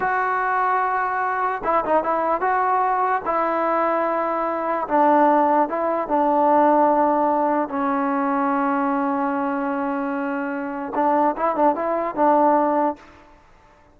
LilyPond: \new Staff \with { instrumentName = "trombone" } { \time 4/4 \tempo 4 = 148 fis'1 | e'8 dis'8 e'4 fis'2 | e'1 | d'2 e'4 d'4~ |
d'2. cis'4~ | cis'1~ | cis'2. d'4 | e'8 d'8 e'4 d'2 | }